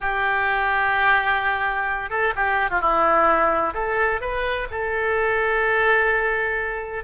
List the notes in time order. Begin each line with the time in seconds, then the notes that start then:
0.00 G4
2.10 A4
2.35 G4
2.70 F4
2.80 E4
3.74 A4
4.20 B4
4.70 A4